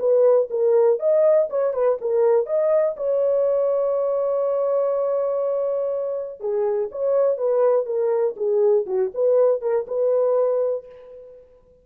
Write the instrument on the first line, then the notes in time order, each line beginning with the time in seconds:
horn
0.00 B4
0.51 A#4
1.00 D#5
1.50 C#5
1.74 B4
2.01 A#4
2.47 D#5
2.97 C#5
6.41 G#4
6.92 C#5
7.38 B4
7.86 A#4
8.37 G#4
8.87 F#4
9.14 B4
9.62 A#4
9.88 B4